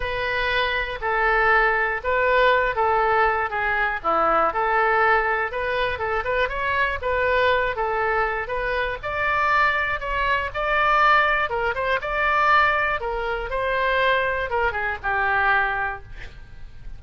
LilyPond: \new Staff \with { instrumentName = "oboe" } { \time 4/4 \tempo 4 = 120 b'2 a'2 | b'4. a'4. gis'4 | e'4 a'2 b'4 | a'8 b'8 cis''4 b'4. a'8~ |
a'4 b'4 d''2 | cis''4 d''2 ais'8 c''8 | d''2 ais'4 c''4~ | c''4 ais'8 gis'8 g'2 | }